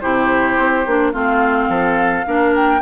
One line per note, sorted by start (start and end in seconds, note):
0.00 0.58 C3
0.00 0.85 E4
0.00 1.12 G4
0.00 1.12 C5
0.58 0.86 C4
0.86 1.13 A#3
0.86 1.13 D4
1.12 1.68 A3
1.12 2.25 C4
1.12 1.68 F4
1.12 2.54 F5
1.68 2.24 F3
1.68 2.25 A4
2.25 2.81 A#3
2.25 2.81 D4
2.25 2.81 A#4
2.55 2.81 G5